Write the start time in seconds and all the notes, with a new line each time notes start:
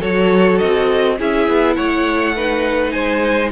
0.00 F#3 F#4 A4 C#5
0.59 C4 D#5
1.19 C#4 E4 G#4 E5
1.48 B3
1.75 A3 C#5 F#5
2.36 D#4 B4
2.91 G#3 C5 G#5